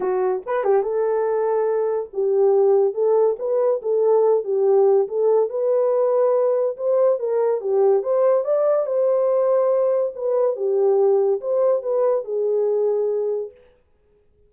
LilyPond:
\new Staff \with { instrumentName = "horn" } { \time 4/4 \tempo 4 = 142 fis'4 b'8 g'8 a'2~ | a'4 g'2 a'4 | b'4 a'4. g'4. | a'4 b'2. |
c''4 ais'4 g'4 c''4 | d''4 c''2. | b'4 g'2 c''4 | b'4 gis'2. | }